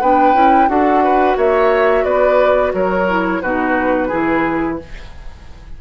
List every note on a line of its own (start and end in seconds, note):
0.00 0.34 B3
0.00 0.34 D4
0.00 0.68 B4
0.00 0.68 G5
0.34 0.68 C#4
0.34 0.68 E4
0.68 1.36 D4
0.68 3.06 F#4
0.68 1.03 A4
0.68 1.37 F#5
1.03 1.37 B4
1.37 2.04 A#3
1.37 2.04 C#5
1.37 2.04 E5
2.04 2.72 B3
2.04 2.72 B4
2.04 2.72 D5
2.73 3.41 F#3
2.73 3.42 A#4
2.73 3.41 C#5
3.08 3.42 E4
3.41 4.10 B2
3.41 4.11 D#4
3.41 4.08 F#4
3.41 4.78 B4
4.08 4.81 E3
4.08 4.79 E4
4.08 4.76 G#4